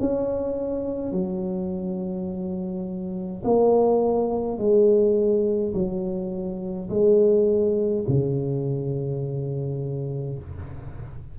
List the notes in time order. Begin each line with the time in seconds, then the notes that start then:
0.00 C#4
1.12 F#3
3.44 A#3
4.57 G#3
5.74 F#3
6.89 G#3
8.08 C#3